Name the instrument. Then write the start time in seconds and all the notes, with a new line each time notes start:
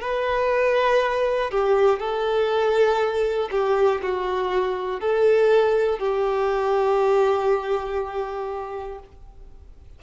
violin
0.00 B4
1.50 G4
1.99 A4
3.50 G4
4.01 F#4
5.00 A4
5.98 G4